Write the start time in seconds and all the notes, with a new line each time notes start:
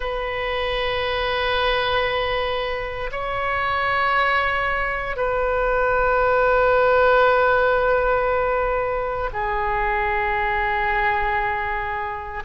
0.00 B4
3.11 C#5
5.16 B4
9.32 G#4